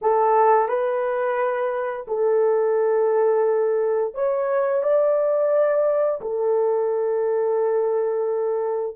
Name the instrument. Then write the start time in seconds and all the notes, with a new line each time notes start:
horn
0.01 A4
0.68 B4
2.07 A4
4.14 C#5
4.83 D5
6.21 A4